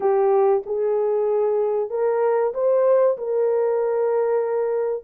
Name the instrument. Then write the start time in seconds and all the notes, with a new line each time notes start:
horn
0.00 G4
0.65 G#4
1.89 A#4
2.53 C5
3.18 A#4